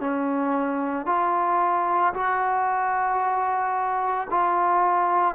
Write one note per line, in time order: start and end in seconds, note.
0.00 1.06 C#4
1.06 2.13 F4
2.13 4.28 F#4
4.31 5.35 F4